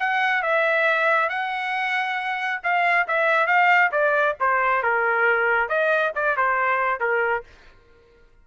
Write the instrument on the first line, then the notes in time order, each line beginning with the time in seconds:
trumpet
0.00 F#5
0.43 E5
1.30 F#5
2.64 F5
3.08 E5
3.47 F5
3.92 D5
4.40 C5
4.83 A#4
5.69 D#5
6.16 D5
6.37 C5
7.01 A#4